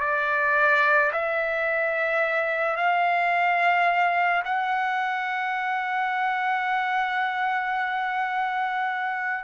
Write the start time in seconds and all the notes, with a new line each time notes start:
0.00 D5
1.13 E5
2.76 F5
4.44 F#5